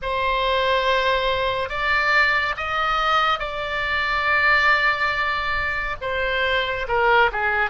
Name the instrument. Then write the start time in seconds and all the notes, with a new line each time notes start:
oboe
0.02 C5
1.69 D5
2.56 D#5
3.39 D5
6.01 C5
6.88 A#4
7.32 G#4